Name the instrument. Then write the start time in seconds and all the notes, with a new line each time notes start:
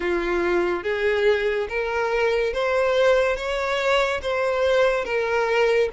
violin
0.00 F4
0.83 G#4
1.69 A#4
2.53 C5
3.36 C#5
4.21 C5
5.04 A#4